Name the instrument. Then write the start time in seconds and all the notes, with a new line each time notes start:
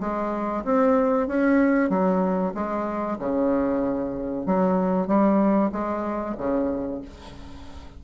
bassoon
0.00 G#3
0.64 C4
1.27 C#4
1.89 F#3
2.54 G#3
3.19 C#3
4.46 F#3
5.07 G3
5.72 G#3
6.37 C#3